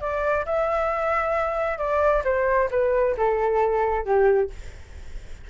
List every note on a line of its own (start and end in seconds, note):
0.00 0.45 D5
0.45 1.78 E5
1.78 2.22 D5
2.24 2.69 C5
2.70 3.15 B4
3.17 4.05 A4
4.05 4.50 G4